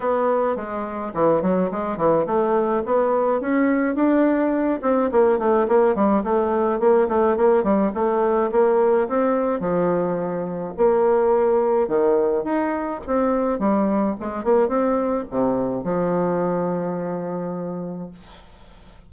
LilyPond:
\new Staff \with { instrumentName = "bassoon" } { \time 4/4 \tempo 4 = 106 b4 gis4 e8 fis8 gis8 e8 | a4 b4 cis'4 d'4~ | d'8 c'8 ais8 a8 ais8 g8 a4 | ais8 a8 ais8 g8 a4 ais4 |
c'4 f2 ais4~ | ais4 dis4 dis'4 c'4 | g4 gis8 ais8 c'4 c4 | f1 | }